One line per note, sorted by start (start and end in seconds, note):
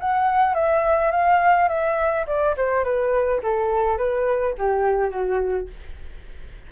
0.00 0.54 F#5
0.54 1.11 E5
1.11 1.68 F5
1.68 2.25 E5
2.26 2.55 D5
2.57 2.84 C5
2.84 3.41 B4
3.43 3.97 A4
3.97 4.55 B4
4.58 5.10 G4
5.10 5.68 F#4